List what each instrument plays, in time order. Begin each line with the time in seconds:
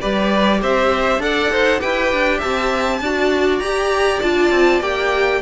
0.00 cello G3, viola G4, violin B4 D5
0.62 cello C4, violin C5 E5
1.18 cello D4, viola A4, violin D5 F#5
1.51 cello D#4, violin C5
1.79 cello E4, viola G4, violin B4 G5
2.12 cello D4
2.38 cello C4, violin E5 A5
3.00 cello D4, viola F#4, violin D5
3.59 cello G4, viola G4, violin A#5
4.21 cello D4, viola F4, violin A5
4.50 cello C4
4.80 cello A#3, viola G4, violin G5